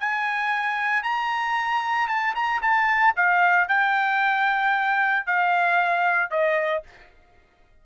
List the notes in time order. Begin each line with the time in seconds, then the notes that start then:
0.00 G#5
1.03 A#5
2.08 A5
2.35 A#5
2.62 A5
3.16 F5
3.68 G5
5.26 F5
6.31 D#5